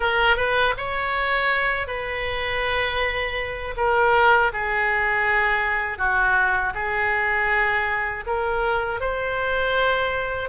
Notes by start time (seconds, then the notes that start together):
0.00 A#4
0.36 B4
0.77 C#5
1.87 B4
3.76 A#4
4.52 G#4
5.98 F#4
6.74 G#4
8.26 A#4
9.00 C5